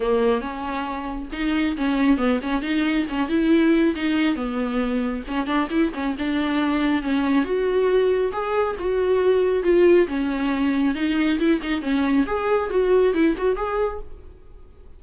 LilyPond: \new Staff \with { instrumentName = "viola" } { \time 4/4 \tempo 4 = 137 ais4 cis'2 dis'4 | cis'4 b8 cis'8 dis'4 cis'8 e'8~ | e'4 dis'4 b2 | cis'8 d'8 e'8 cis'8 d'2 |
cis'4 fis'2 gis'4 | fis'2 f'4 cis'4~ | cis'4 dis'4 e'8 dis'8 cis'4 | gis'4 fis'4 e'8 fis'8 gis'4 | }